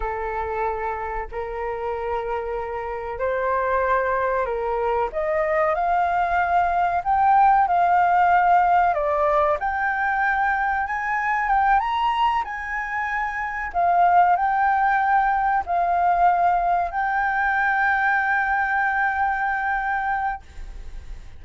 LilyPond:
\new Staff \with { instrumentName = "flute" } { \time 4/4 \tempo 4 = 94 a'2 ais'2~ | ais'4 c''2 ais'4 | dis''4 f''2 g''4 | f''2 d''4 g''4~ |
g''4 gis''4 g''8 ais''4 gis''8~ | gis''4. f''4 g''4.~ | g''8 f''2 g''4.~ | g''1 | }